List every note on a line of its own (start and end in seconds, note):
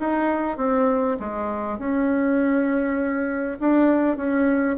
0.00 0.58 D#4
0.58 1.18 C4
1.20 1.79 G#3
1.79 3.59 C#4
3.60 4.17 D4
4.17 4.77 C#4